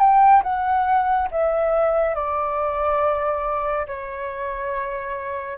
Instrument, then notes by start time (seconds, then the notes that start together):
flute
0.00 G5
0.43 F#5
1.31 E5
2.15 D5
3.87 C#5